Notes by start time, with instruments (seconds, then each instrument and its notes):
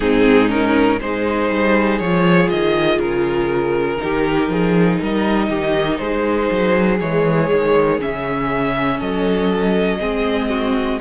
0.00 cello G#2, viola C4, violin D#4 G#4
0.47 viola C#4, violin A#4
1.00 cello G#3, viola D#4, violin G#4 C5
1.50 cello G3
1.99 cello F3, viola F4, violin C#5
2.49 cello D#3, violin D#5
2.98 cello C#3, violin A#4
3.97 viola D#4
4.03 cello D#3, violin G4
4.48 cello F3, violin G#4
5.00 cello G3, violin A#4 D#5
5.49 cello D#3, violin G4
5.98 cello G#3, violin G#4 C5
6.51 cello F#3
7.00 cello E3, viola G#3, violin C#5
7.51 cello D#3
7.99 cello C#3, viola C#4, violin E5
8.98 cello F#3, violin A4 D#5
9.99 cello G#3, viola C4, violin G#4
10.49 violin F#4